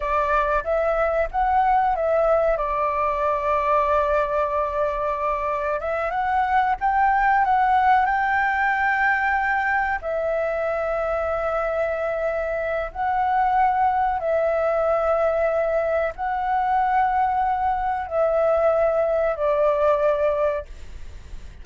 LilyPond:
\new Staff \with { instrumentName = "flute" } { \time 4/4 \tempo 4 = 93 d''4 e''4 fis''4 e''4 | d''1~ | d''4 e''8 fis''4 g''4 fis''8~ | fis''8 g''2. e''8~ |
e''1 | fis''2 e''2~ | e''4 fis''2. | e''2 d''2 | }